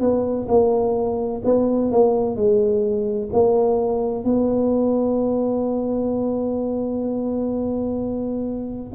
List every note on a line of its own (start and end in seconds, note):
0.00 0.47 B3
0.48 1.42 A#3
1.44 1.91 B3
1.91 2.36 A#3
2.36 3.29 G#3
3.33 4.24 A#3
4.24 8.93 B3